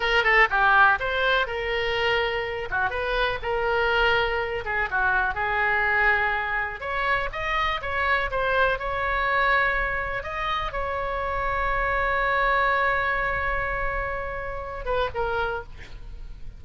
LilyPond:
\new Staff \with { instrumentName = "oboe" } { \time 4/4 \tempo 4 = 123 ais'8 a'8 g'4 c''4 ais'4~ | ais'4. fis'8 b'4 ais'4~ | ais'4. gis'8 fis'4 gis'4~ | gis'2 cis''4 dis''4 |
cis''4 c''4 cis''2~ | cis''4 dis''4 cis''2~ | cis''1~ | cis''2~ cis''8 b'8 ais'4 | }